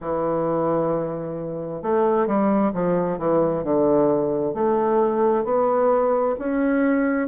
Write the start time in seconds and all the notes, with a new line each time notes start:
0.00 E3
1.82 A3
2.26 G3
2.73 F3
3.18 E3
3.63 D3
4.54 A3
5.44 B3
6.38 C#4